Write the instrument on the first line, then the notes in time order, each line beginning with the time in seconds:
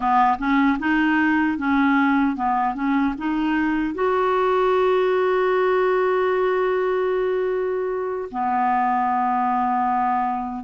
clarinet
0.00 B3
0.38 C#4
0.79 D#4
1.58 C#4
2.35 B3
2.74 C#4
3.18 D#4
3.94 F#4
8.31 B3